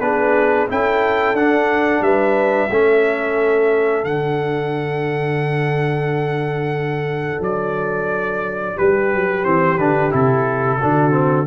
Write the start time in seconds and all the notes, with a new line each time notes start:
0.00 B3 D4 G#4 B4
0.69 C#4 E4 A4 G5
1.33 D4 F#5
2.01 G3 B4 E5
2.70 A3 C#4 A4
4.04 D3 D4 F#5
7.40 F#3 D5
8.76 G3 G4 B4
9.13 F#3
9.44 E3 C4 C5
9.78 D3 D4 B4
10.11 C3 E4 A4
10.79 D3 D4 F#4
11.11 C4